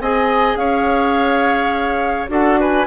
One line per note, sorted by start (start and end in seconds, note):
0.00 0.55 C4
0.00 2.28 G#4
0.00 0.58 D#5
0.00 0.56 G#5
0.55 2.27 C#4
0.55 2.30 C#5
0.55 2.27 F5
2.28 2.86 D4
2.28 2.85 F#4
2.28 2.59 A4
2.28 2.60 F#5
2.59 2.86 B4
2.59 2.86 G#5